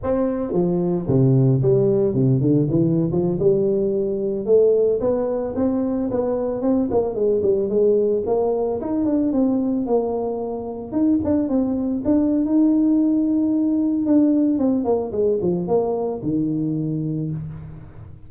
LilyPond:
\new Staff \with { instrumentName = "tuba" } { \time 4/4 \tempo 4 = 111 c'4 f4 c4 g4 | c8 d8 e8. f8 g4.~ g16~ | g16 a4 b4 c'4 b8.~ | b16 c'8 ais8 gis8 g8 gis4 ais8.~ |
ais16 dis'8 d'8 c'4 ais4.~ ais16~ | ais16 dis'8 d'8 c'4 d'8. dis'4~ | dis'2 d'4 c'8 ais8 | gis8 f8 ais4 dis2 | }